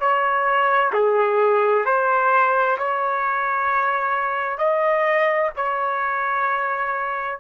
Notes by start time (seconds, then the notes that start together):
0.00 C#5
0.93 G#4
1.85 C5
2.78 C#5
4.58 D#5
5.56 C#5